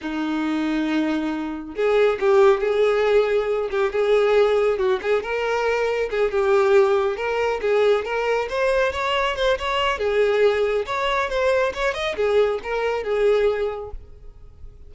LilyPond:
\new Staff \with { instrumentName = "violin" } { \time 4/4 \tempo 4 = 138 dis'1 | gis'4 g'4 gis'2~ | gis'8 g'8 gis'2 fis'8 gis'8 | ais'2 gis'8 g'4.~ |
g'8 ais'4 gis'4 ais'4 c''8~ | c''8 cis''4 c''8 cis''4 gis'4~ | gis'4 cis''4 c''4 cis''8 dis''8 | gis'4 ais'4 gis'2 | }